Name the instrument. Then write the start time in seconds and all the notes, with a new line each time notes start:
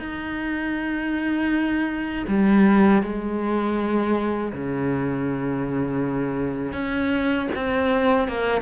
cello
0.00 D#4
2.28 G3
3.03 G#3
4.53 C#3
6.73 C#4
7.55 C4
8.28 A#3